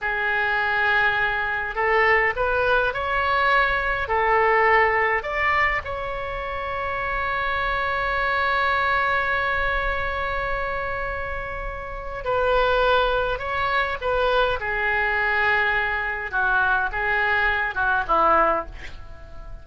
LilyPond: \new Staff \with { instrumentName = "oboe" } { \time 4/4 \tempo 4 = 103 gis'2. a'4 | b'4 cis''2 a'4~ | a'4 d''4 cis''2~ | cis''1~ |
cis''1~ | cis''4 b'2 cis''4 | b'4 gis'2. | fis'4 gis'4. fis'8 e'4 | }